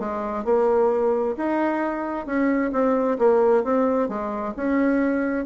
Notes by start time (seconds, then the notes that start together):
0.00 G#3
0.45 A#3
1.38 D#4
2.26 C#4
2.73 C4
3.19 A#3
3.64 C4
4.09 G#3
4.57 C#4